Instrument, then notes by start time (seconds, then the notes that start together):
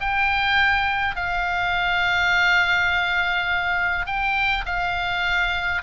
oboe
0.00 G5
1.15 F5
4.06 G5
4.65 F5